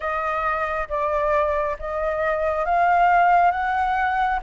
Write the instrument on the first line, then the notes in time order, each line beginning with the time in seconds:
flute
0.00 D#5
0.88 D5
1.79 D#5
2.65 F5
3.51 F#5